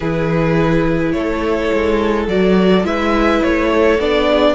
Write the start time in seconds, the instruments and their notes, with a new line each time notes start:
0.00 cello E3, viola E4, violin G#4 B4
1.12 cello A3, violin A4 C#5
1.73 cello G#3
2.27 cello F#3, viola F#4, violin D5
2.84 cello G#3, viola E4, violin B4 E5
3.42 cello A3, violin C#5
3.74 violin A4
3.98 cello B3, viola D4, violin D5
4.30 violin G#4